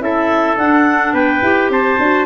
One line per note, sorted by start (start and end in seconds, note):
0.00 0.57 C#4
0.00 0.56 E4
0.00 1.14 A4
0.00 0.57 E5
0.58 1.14 D4
0.58 1.43 D4
0.58 1.14 F#5
1.14 1.42 B3
1.14 1.70 B4
1.14 1.70 G5
1.42 1.70 E4
1.42 1.99 G4
1.70 1.98 C4
1.70 2.26 C5
1.70 2.26 A5
1.99 2.26 D4
1.99 2.26 F#4